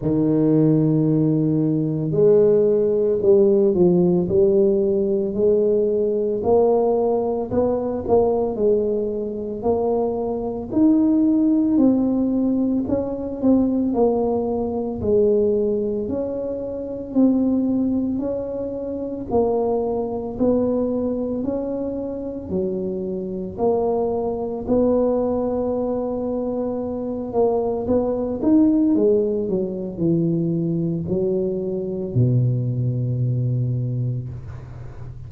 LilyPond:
\new Staff \with { instrumentName = "tuba" } { \time 4/4 \tempo 4 = 56 dis2 gis4 g8 f8 | g4 gis4 ais4 b8 ais8 | gis4 ais4 dis'4 c'4 | cis'8 c'8 ais4 gis4 cis'4 |
c'4 cis'4 ais4 b4 | cis'4 fis4 ais4 b4~ | b4. ais8 b8 dis'8 gis8 fis8 | e4 fis4 b,2 | }